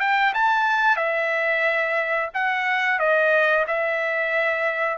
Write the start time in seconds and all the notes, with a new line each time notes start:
0.00 G5
0.34 A5
0.97 E5
2.34 F#5
2.99 D#5
3.67 E5